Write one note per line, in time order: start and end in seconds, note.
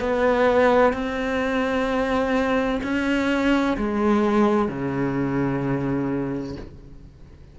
0.00 0.93 B3
0.93 2.80 C4
2.83 3.77 C#4
3.77 4.68 G#3
4.68 6.56 C#3